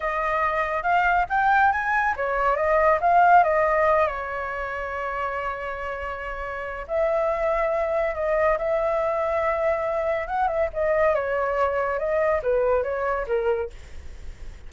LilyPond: \new Staff \with { instrumentName = "flute" } { \time 4/4 \tempo 4 = 140 dis''2 f''4 g''4 | gis''4 cis''4 dis''4 f''4 | dis''4. cis''2~ cis''8~ | cis''1 |
e''2. dis''4 | e''1 | fis''8 e''8 dis''4 cis''2 | dis''4 b'4 cis''4 ais'4 | }